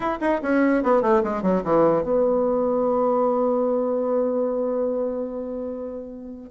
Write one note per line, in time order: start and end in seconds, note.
0.00 0.18 E4
0.20 0.41 D#4
0.42 0.83 C#4
0.83 1.01 B3
1.01 1.22 A3
1.23 1.42 G#3
1.42 1.62 F#3
1.64 2.03 E3
2.03 6.50 B3